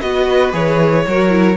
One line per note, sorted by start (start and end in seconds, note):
0.00 0.53 B3
0.00 0.52 F#4
0.00 1.04 B4
0.00 0.52 D#5
0.52 1.05 E3
0.52 1.04 G#4
0.52 1.57 C#5
1.07 1.57 F#3
1.07 1.29 F#4
1.07 1.57 A#4
1.29 1.55 E4